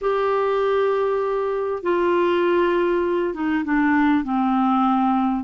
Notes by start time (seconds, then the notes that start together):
0.01 G4
1.82 F4
3.33 D#4
3.64 D4
4.24 C4